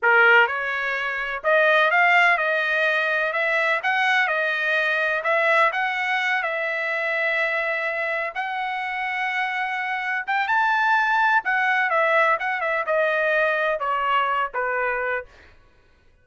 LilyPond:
\new Staff \with { instrumentName = "trumpet" } { \time 4/4 \tempo 4 = 126 ais'4 cis''2 dis''4 | f''4 dis''2 e''4 | fis''4 dis''2 e''4 | fis''4. e''2~ e''8~ |
e''4. fis''2~ fis''8~ | fis''4. g''8 a''2 | fis''4 e''4 fis''8 e''8 dis''4~ | dis''4 cis''4. b'4. | }